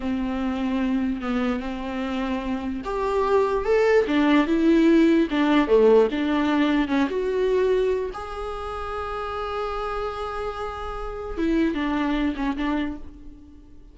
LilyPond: \new Staff \with { instrumentName = "viola" } { \time 4/4 \tempo 4 = 148 c'2. b4 | c'2. g'4~ | g'4 a'4 d'4 e'4~ | e'4 d'4 a4 d'4~ |
d'4 cis'8 fis'2~ fis'8 | gis'1~ | gis'1 | e'4 d'4. cis'8 d'4 | }